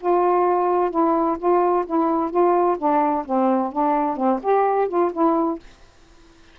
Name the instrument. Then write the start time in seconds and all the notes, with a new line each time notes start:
saxophone
0.00 F4
0.90 E4
1.38 F4
1.86 E4
2.30 F4
2.78 D4
3.25 C4
3.72 D4
4.16 C4
4.42 G4
4.88 F4
5.12 E4